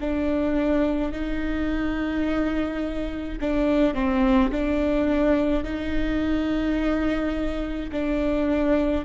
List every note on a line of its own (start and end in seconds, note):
0.00 1.12 D4
1.12 3.38 D#4
3.41 3.94 D4
3.94 4.51 C4
4.51 5.63 D4
5.63 7.90 D#4
7.91 9.05 D4